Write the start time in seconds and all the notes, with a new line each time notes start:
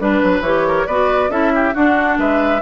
0.00 G3 D4 B4
0.23 F#3
0.41 E3 G4 C#5
0.67 A#4
0.86 B3 F#4 B4 D5
1.29 C#4 E4 A4 E5
1.55 G4
1.74 D4 F#4 F#5
2.18 G#3 B4 E5